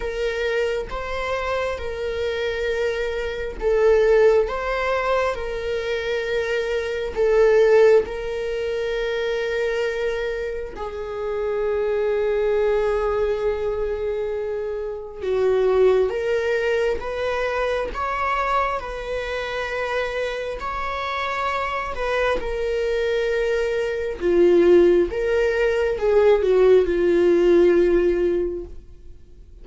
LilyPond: \new Staff \with { instrumentName = "viola" } { \time 4/4 \tempo 4 = 67 ais'4 c''4 ais'2 | a'4 c''4 ais'2 | a'4 ais'2. | gis'1~ |
gis'4 fis'4 ais'4 b'4 | cis''4 b'2 cis''4~ | cis''8 b'8 ais'2 f'4 | ais'4 gis'8 fis'8 f'2 | }